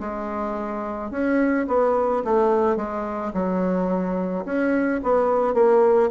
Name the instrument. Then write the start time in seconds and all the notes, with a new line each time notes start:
bassoon
0.00 G#3
1.11 C#4
1.68 B3
2.25 A3
2.77 G#3
3.34 F#3
4.45 C#4
5.04 B3
5.54 A#3